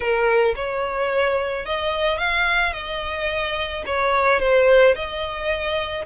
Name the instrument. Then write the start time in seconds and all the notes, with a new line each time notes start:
violin
0.00 A#4
0.55 C#5
1.65 D#5
2.18 F5
2.72 D#5
3.85 C#5
4.39 C5
4.95 D#5